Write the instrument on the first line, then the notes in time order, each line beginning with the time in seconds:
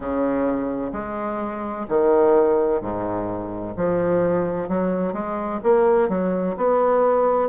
bassoon
0.00 C#3
0.92 G#3
1.88 D#3
2.81 G#2
3.76 F3
4.68 F#3
5.13 G#3
5.63 A#3
6.09 F#3
6.56 B3